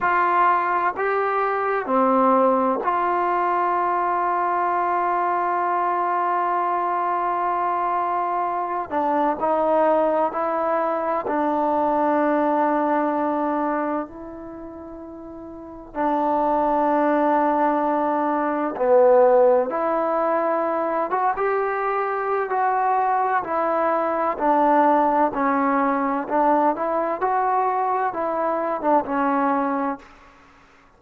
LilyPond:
\new Staff \with { instrumentName = "trombone" } { \time 4/4 \tempo 4 = 64 f'4 g'4 c'4 f'4~ | f'1~ | f'4. d'8 dis'4 e'4 | d'2. e'4~ |
e'4 d'2. | b4 e'4. fis'16 g'4~ g'16 | fis'4 e'4 d'4 cis'4 | d'8 e'8 fis'4 e'8. d'16 cis'4 | }